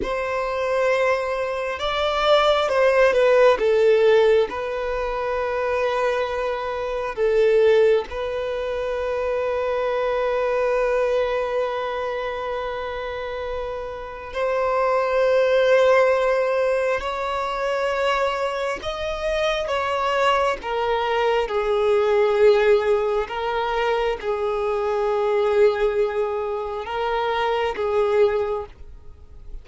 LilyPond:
\new Staff \with { instrumentName = "violin" } { \time 4/4 \tempo 4 = 67 c''2 d''4 c''8 b'8 | a'4 b'2. | a'4 b'2.~ | b'1 |
c''2. cis''4~ | cis''4 dis''4 cis''4 ais'4 | gis'2 ais'4 gis'4~ | gis'2 ais'4 gis'4 | }